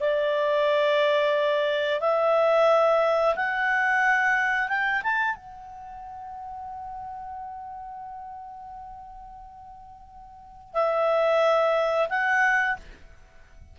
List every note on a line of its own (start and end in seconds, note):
0.00 2.00 D5
2.00 3.35 E5
3.36 4.69 F#5
4.69 5.02 G5
5.03 5.36 A5
5.36 10.74 F#5
10.74 12.09 E5
12.09 12.77 F#5